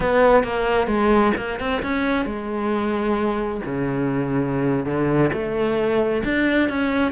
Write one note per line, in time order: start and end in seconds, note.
0.00 0.43 B3
0.43 0.87 A#3
0.87 1.32 G#3
1.37 1.59 A#3
1.59 1.82 C4
1.82 2.25 C#4
2.25 3.60 G#3
3.65 4.85 C#3
4.85 5.30 D3
5.33 6.23 A3
6.24 6.69 D4
6.69 7.11 C#4